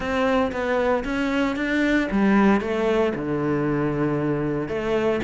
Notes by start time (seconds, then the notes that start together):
0.00 C4
0.51 B3
1.04 C#4
1.56 D4
2.11 G3
2.60 A3
3.15 D3
4.68 A3